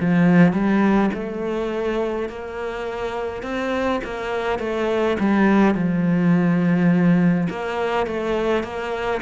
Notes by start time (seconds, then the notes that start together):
0.00 F3
0.52 G3
1.13 A3
2.29 A#3
3.42 C4
4.04 A#3
4.59 A3
5.19 G3
5.74 F3
7.49 A#3
8.06 A3
8.63 A#3